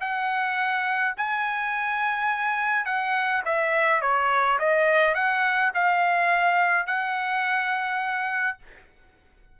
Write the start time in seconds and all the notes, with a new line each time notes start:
0.00 F#5
1.17 G#5
2.85 F#5
3.45 E5
4.01 C#5
4.58 D#5
5.14 F#5
5.74 F5
6.86 F#5